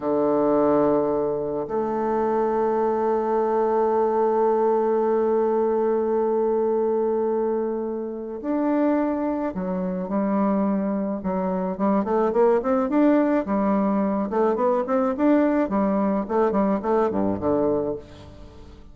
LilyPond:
\new Staff \with { instrumentName = "bassoon" } { \time 4/4 \tempo 4 = 107 d2. a4~ | a1~ | a1~ | a2. d'4~ |
d'4 fis4 g2 | fis4 g8 a8 ais8 c'8 d'4 | g4. a8 b8 c'8 d'4 | g4 a8 g8 a8 g,8 d4 | }